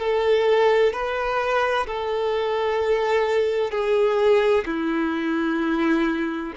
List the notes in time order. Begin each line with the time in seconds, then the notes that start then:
0.00 A4
0.93 B4
1.87 A4
3.71 G#4
4.66 E4